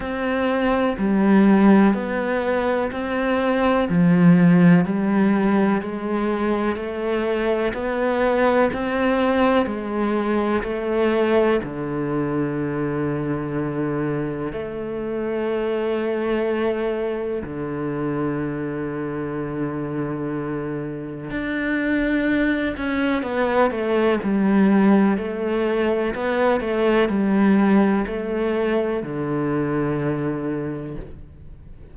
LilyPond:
\new Staff \with { instrumentName = "cello" } { \time 4/4 \tempo 4 = 62 c'4 g4 b4 c'4 | f4 g4 gis4 a4 | b4 c'4 gis4 a4 | d2. a4~ |
a2 d2~ | d2 d'4. cis'8 | b8 a8 g4 a4 b8 a8 | g4 a4 d2 | }